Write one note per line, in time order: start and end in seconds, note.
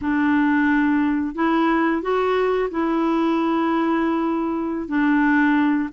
0.01 1.35 D4
1.35 2.02 E4
2.02 2.69 F#4
2.70 4.88 E4
4.88 5.89 D4